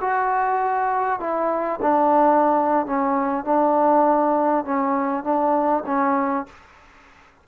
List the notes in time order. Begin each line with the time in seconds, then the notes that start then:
0.00 F#4
1.19 E4
1.81 D4
2.86 C#4
3.44 D4
4.64 C#4
5.23 D4
5.86 C#4